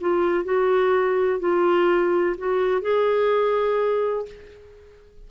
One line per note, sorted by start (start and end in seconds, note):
0.00 0.44 F4
0.44 1.39 F#4
1.39 2.35 F4
2.37 2.81 F#4
2.81 4.25 G#4